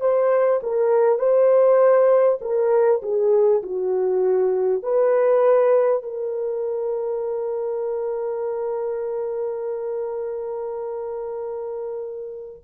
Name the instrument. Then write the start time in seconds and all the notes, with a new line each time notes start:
horn
0.00 C5
0.62 A#4
1.19 C5
2.41 A#4
3.02 G#4
3.62 F#4
4.82 B4
6.03 A#4